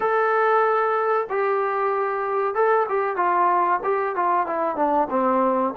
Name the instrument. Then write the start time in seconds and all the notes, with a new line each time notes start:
trombone
0.00 A4
1.29 G4
2.54 A4
2.88 G4
3.16 F4
3.83 G4
4.15 F4
4.46 E4
4.76 D4
5.10 C4